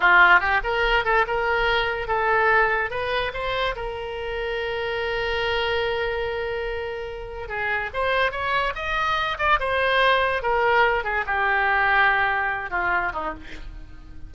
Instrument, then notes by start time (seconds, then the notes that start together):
oboe
0.00 F4
0.40 G4
0.63 A#4
1.04 A4
1.27 A#4
2.07 A4
2.90 B4
3.33 C5
3.75 A#4
7.48 G#4
7.93 C5
8.31 C#5
8.75 D#5
9.38 D5
9.59 C5
10.42 A#4
11.04 G#4
11.26 G4
12.70 F4
13.12 D#4